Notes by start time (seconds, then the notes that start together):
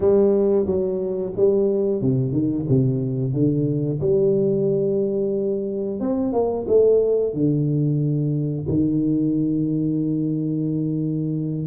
0.00 G3
0.66 F#3
1.35 G3
2.02 C3
2.32 D#3
2.69 C3
3.33 D3
4.01 G3
6.00 C4
6.32 A#3
6.68 A3
7.33 D3
8.68 D#3